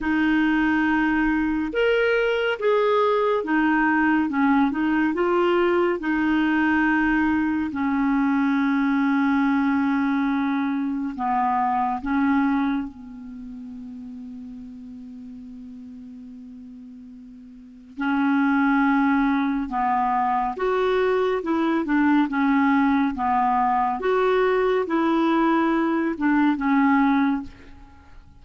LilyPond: \new Staff \with { instrumentName = "clarinet" } { \time 4/4 \tempo 4 = 70 dis'2 ais'4 gis'4 | dis'4 cis'8 dis'8 f'4 dis'4~ | dis'4 cis'2.~ | cis'4 b4 cis'4 b4~ |
b1~ | b4 cis'2 b4 | fis'4 e'8 d'8 cis'4 b4 | fis'4 e'4. d'8 cis'4 | }